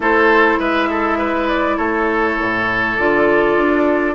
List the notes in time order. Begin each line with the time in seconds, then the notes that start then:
0.00 A3 E4 A4 C5
0.59 G#3 B4 E5
0.89 A4
1.17 B4
1.48 D5
1.77 A3 A4 C#5
2.39 A2
2.96 D3 F4 D5
3.57 D4